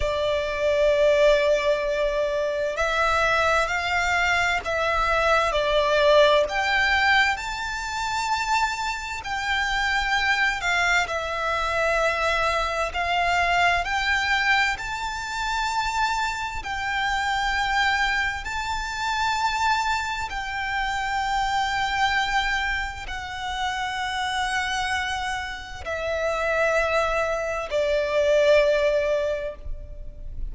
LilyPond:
\new Staff \with { instrumentName = "violin" } { \time 4/4 \tempo 4 = 65 d''2. e''4 | f''4 e''4 d''4 g''4 | a''2 g''4. f''8 | e''2 f''4 g''4 |
a''2 g''2 | a''2 g''2~ | g''4 fis''2. | e''2 d''2 | }